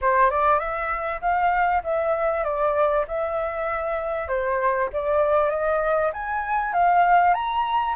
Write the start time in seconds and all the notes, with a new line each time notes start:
0.01 C5
0.30 D5
0.59 E5
1.21 F5
1.83 E5
2.44 D5
3.07 E5
4.27 C5
4.92 D5
5.50 D#5
6.13 G#5
6.73 F5
7.33 A#5